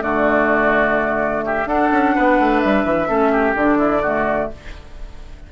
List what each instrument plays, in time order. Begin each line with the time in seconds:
0.00 bassoon D3, clarinet A3, oboe F#4, flute D5
1.45 oboe G4, flute E5
1.66 bassoon D4, clarinet D4, oboe A4, flute F#5
1.92 bassoon C#4
2.15 bassoon B3, oboe B4
2.39 bassoon A3
2.60 bassoon G3, flute E5
2.85 bassoon E3
3.08 bassoon A3, clarinet C#4, oboe A4
3.32 oboe G4
3.54 bassoon D3, clarinet D4, flute D5
3.78 oboe E4
4.02 clarinet A3, oboe F#4